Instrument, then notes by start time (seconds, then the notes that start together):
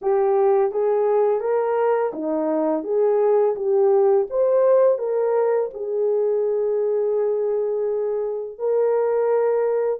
horn
0.01 G4
0.71 G#4
1.40 A#4
2.13 D#4
2.83 G#4
3.55 G4
4.30 C5
4.98 A#4
5.73 G#4
8.58 A#4